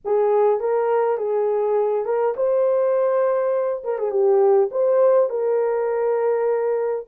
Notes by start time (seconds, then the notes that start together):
0.04 G#4
0.60 A#4
1.17 G#4
2.05 A#4
2.36 C5
3.83 A#4
3.98 G#4
4.10 G4
4.71 C5
5.29 A#4